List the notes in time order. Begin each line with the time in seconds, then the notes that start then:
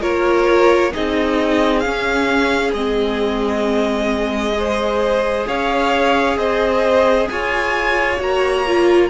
0.00 A#3 F4 A#4 C#5
0.93 C4 D#4 G#4 D#5
1.79 C#4 F5
2.73 G#3 C4 D#5
4.53 G#4 C5
5.47 C#4 C#5 F5
6.37 C4 C5 D#5
7.29 F4 C#5 G#5
8.17 A#3 F#4 A#5
8.67 F4